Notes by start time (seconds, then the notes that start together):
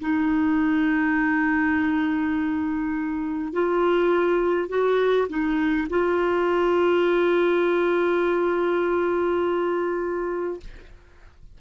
0.00 D#4
3.52 F4
4.68 F#4
5.29 D#4
5.89 F4